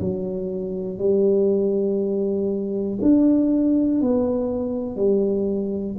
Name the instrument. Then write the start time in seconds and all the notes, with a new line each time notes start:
tuba
0.00 F#3
0.98 G3
3.01 D4
4.01 B3
4.95 G3